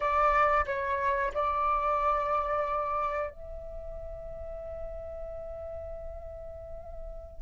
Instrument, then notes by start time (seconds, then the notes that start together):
flute
0.00 D5
0.66 C#5
1.34 D5
3.30 E5